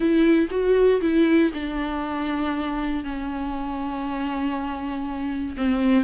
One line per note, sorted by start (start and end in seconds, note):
0.00 0.48 E4
0.50 1.00 F#4
1.01 1.51 E4
1.53 3.04 D4
3.04 5.56 C#4
5.56 6.04 C4